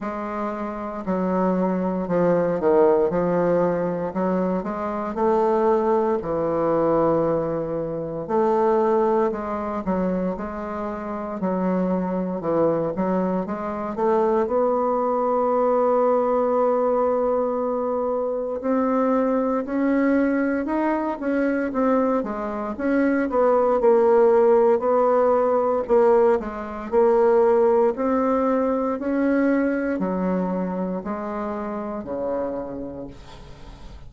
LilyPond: \new Staff \with { instrumentName = "bassoon" } { \time 4/4 \tempo 4 = 58 gis4 fis4 f8 dis8 f4 | fis8 gis8 a4 e2 | a4 gis8 fis8 gis4 fis4 | e8 fis8 gis8 a8 b2~ |
b2 c'4 cis'4 | dis'8 cis'8 c'8 gis8 cis'8 b8 ais4 | b4 ais8 gis8 ais4 c'4 | cis'4 fis4 gis4 cis4 | }